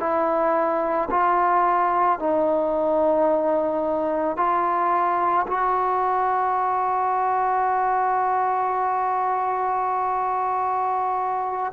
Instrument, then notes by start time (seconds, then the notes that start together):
trombone
0.00 E4
1.11 F4
2.20 D#4
4.37 F4
5.48 F#4